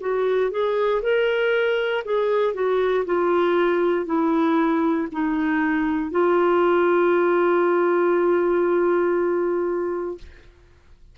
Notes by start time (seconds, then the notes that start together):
0.00 F#4
0.51 G#4
1.02 A#4
2.04 G#4
2.54 F#4
3.05 F4
4.06 E4
5.12 D#4
6.11 F4